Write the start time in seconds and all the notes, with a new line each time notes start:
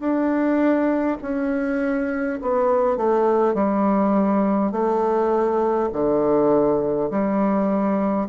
0.00 D4
1.22 C#4
2.42 B3
2.98 A3
3.55 G3
4.72 A3
5.93 D3
7.11 G3